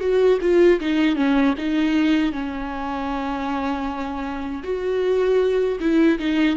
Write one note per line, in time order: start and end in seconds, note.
0.00 0.38 F#4
0.41 0.80 F4
0.80 1.16 D#4
1.16 1.54 C#4
1.58 2.32 D#4
2.32 4.63 C#4
4.63 5.79 F#4
5.80 6.19 E4
6.19 6.56 D#4